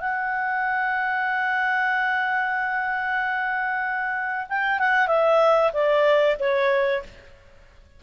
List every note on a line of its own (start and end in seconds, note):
0.00 4.47 F#5
4.49 4.79 G5
4.79 5.07 F#5
5.07 5.71 E5
5.73 6.37 D5
6.39 7.03 C#5